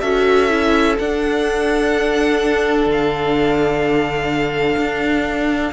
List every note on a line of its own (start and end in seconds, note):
0.00 0.97 C#4
0.00 0.49 F#4
0.00 5.72 A4
0.00 0.95 E5
0.49 0.96 E4
0.98 2.86 D4
0.98 5.72 D4
0.98 2.89 F#5
2.86 4.76 D3
2.86 5.72 F5
4.77 5.72 D4